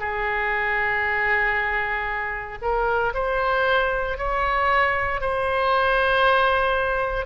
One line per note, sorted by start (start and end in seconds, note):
0.00 2.59 G#4
2.62 3.14 A#4
3.14 4.18 C5
4.18 5.21 C#5
5.21 7.26 C5